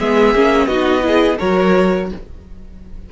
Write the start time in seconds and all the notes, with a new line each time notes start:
0.00 G#3 B3 G#4 E5
0.35 A#3 C#4
0.67 B3 D#4 F#4 D#5
1.02 E4 G#4
1.39 F#3 F#4 A#4 C#5